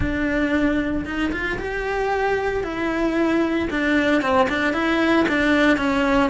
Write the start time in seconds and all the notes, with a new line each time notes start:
0.00 D4
1.05 D#4
1.32 F4
1.58 G4
2.63 E4
3.70 D4
4.21 C4
4.49 D4
4.73 E4
5.28 D4
5.77 C#4